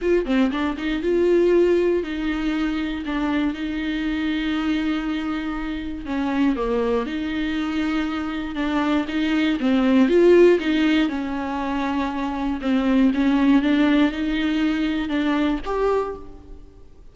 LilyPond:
\new Staff \with { instrumentName = "viola" } { \time 4/4 \tempo 4 = 119 f'8 c'8 d'8 dis'8 f'2 | dis'2 d'4 dis'4~ | dis'1 | cis'4 ais4 dis'2~ |
dis'4 d'4 dis'4 c'4 | f'4 dis'4 cis'2~ | cis'4 c'4 cis'4 d'4 | dis'2 d'4 g'4 | }